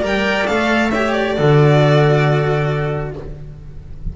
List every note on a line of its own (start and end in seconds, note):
0.00 0.46 G3
0.00 0.45 A#4
0.00 0.89 D5
0.00 0.47 G5
0.47 1.38 A3
0.47 0.91 A4
0.47 0.90 F5
0.90 1.36 G4
0.90 1.36 C#5
0.90 1.12 E5
1.12 3.12 D5
1.36 3.16 D3
1.36 3.14 F#4
1.36 3.13 A4